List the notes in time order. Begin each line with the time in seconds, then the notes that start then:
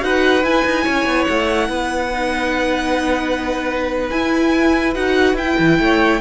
0.00 D#4 F#4 B4 F#5
0.44 E4 G#5
0.65 D#4
0.84 C#4 C#5
1.06 B3
1.24 A3 F#5
1.69 B3 B4
2.12 D#4
4.10 E4 G#5
4.94 D#4 F#4 F#5
5.34 E4 G5
5.59 E3
5.79 A3 C#5